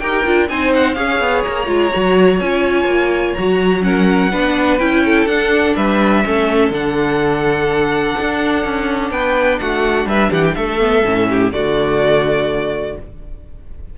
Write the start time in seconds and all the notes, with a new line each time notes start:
0.00 D#4 G4 A#4 G5
0.26 D4 F4
0.49 C4 D#4 C5 G#5
0.75 F#5
0.95 C#4 G#4 C#5 F5
1.20 B3
1.45 A#3 A#5
1.67 G#3 F4
1.93 F#3 F#4
2.40 C#4 F4 G#5
2.85 A#3
3.35 F#3 F#4 A#5
3.81 C#4 A#4 F#5
4.32 B3 D4 B4
4.79 C#4 E4 G5
5.06 A4
5.26 D4 F#5
5.76 G3 B4 E5
6.25 A3 C#4 A4
6.71 D3 D4 F#5
8.21 D4
8.65 C#4
9.11 B3 B4 G5
9.60 A3 F#4 F#5
10.06 G3 B4 E5
10.31 E3 G4 F#5
10.45 G5
10.55 A3 A4 E5
10.79 B3
11.05 A2 C#4
11.30 G4
11.52 D3 A3 F#4 D5